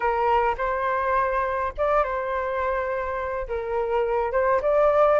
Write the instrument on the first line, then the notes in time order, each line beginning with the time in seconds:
flute
0.00 A#4
0.57 C5
1.77 D5
2.03 C5
3.48 A#4
4.31 C5
4.61 D5